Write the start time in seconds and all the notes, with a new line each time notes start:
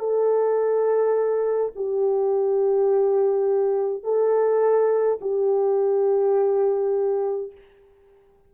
0.00 A4
1.76 G4
4.04 A4
5.21 G4